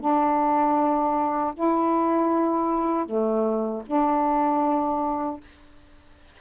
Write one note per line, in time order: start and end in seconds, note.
0.00 1.54 D4
1.54 3.05 E4
3.05 3.82 A3
3.86 5.40 D4